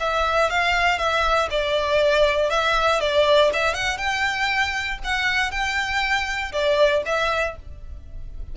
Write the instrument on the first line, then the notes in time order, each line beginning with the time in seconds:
violin
0.00 E5
0.50 F5
0.99 E5
1.50 D5
2.50 E5
3.00 D5
3.53 E5
3.74 F#5
3.98 G5
5.04 F#5
5.51 G5
6.53 D5
7.06 E5